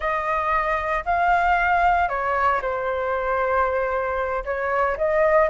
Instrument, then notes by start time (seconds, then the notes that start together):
flute
0.00 D#5
1.05 F5
2.08 C#5
2.61 C5
4.44 C#5
4.97 D#5